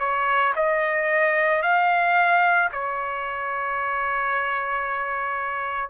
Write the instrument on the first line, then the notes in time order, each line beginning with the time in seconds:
trumpet
0.00 C#5
0.56 D#5
1.63 F5
2.73 C#5